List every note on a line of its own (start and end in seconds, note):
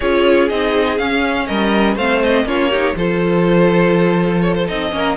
0.00 0.50 C#4
0.00 0.50 F4
0.00 1.45 G#4
0.00 0.48 C#5
0.48 0.99 C4
0.48 0.99 D#4
0.48 0.97 D#5
0.97 1.48 C#4
0.97 1.98 C#4
0.97 1.46 F5
1.46 1.95 G3
1.46 1.95 A#4
1.46 1.95 D#5
1.95 2.44 A3
1.95 2.46 C4
1.95 2.44 C5
1.95 2.22 F5
2.23 2.47 D#5
2.44 2.93 A#3
2.44 2.71 C#4
2.44 2.69 F4
2.44 2.96 C#5
2.69 2.95 D#4
2.69 2.94 G4
2.95 4.67 F3
2.95 4.68 F4
2.95 4.93 A4
2.95 4.41 C5
4.41 4.54 C#5
4.55 4.67 C5
4.67 4.92 C4
4.67 4.90 D#4
4.67 5.16 D#5
4.90 5.16 A#3
4.90 5.15 C#4
4.90 5.16 A#4